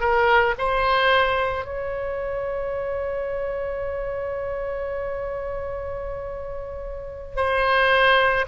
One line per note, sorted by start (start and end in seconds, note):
0.00 0.55 A#4
0.59 1.65 C5
1.65 7.36 C#5
7.36 8.45 C5